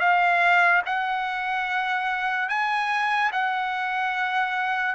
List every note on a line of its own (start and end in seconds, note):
0.00 0.82 F5
0.86 2.49 F#5
2.49 3.31 G#5
3.33 4.95 F#5